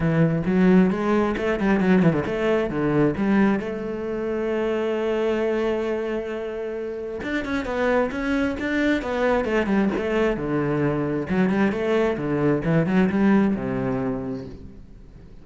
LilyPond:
\new Staff \with { instrumentName = "cello" } { \time 4/4 \tempo 4 = 133 e4 fis4 gis4 a8 g8 | fis8 e16 d16 a4 d4 g4 | a1~ | a1 |
d'8 cis'8 b4 cis'4 d'4 | b4 a8 g8 a4 d4~ | d4 fis8 g8 a4 d4 | e8 fis8 g4 c2 | }